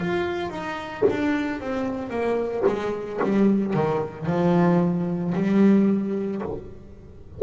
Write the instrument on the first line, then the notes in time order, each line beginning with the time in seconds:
double bass
0.00 F4
0.50 D#4
1.10 D4
1.60 C4
2.10 A#3
2.67 G#3
3.23 G3
3.74 D#3
4.27 F3
5.35 G3